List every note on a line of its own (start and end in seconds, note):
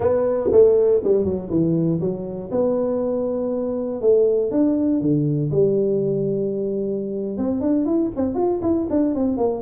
0.00 0.50 B3
0.51 1.01 A3
1.04 1.24 G3
1.24 1.49 F#3
1.50 2.00 E3
2.00 2.50 F#3
2.51 4.01 B3
4.01 4.51 A3
4.51 5.00 D4
5.00 5.50 D3
5.51 7.37 G3
7.37 7.60 C4
7.60 7.85 D4
7.85 8.10 E4
8.16 8.35 C4
8.35 8.60 F4
8.62 8.87 E4
8.90 9.15 D4
9.15 9.37 C4
9.37 9.62 A#3